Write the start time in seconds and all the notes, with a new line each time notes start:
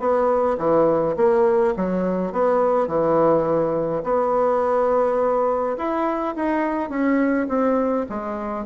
0.00 B3
0.58 E3
1.17 A#3
1.77 F#3
2.33 B3
2.88 E3
4.04 B3
5.78 E4
6.36 D#4
6.90 C#4
7.49 C4
8.10 G#3